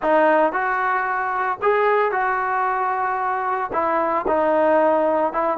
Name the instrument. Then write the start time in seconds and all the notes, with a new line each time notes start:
trombone
0.02 D#4
0.52 F#4
1.62 G#4
2.11 F#4
3.72 E4
4.27 D#4
5.32 E4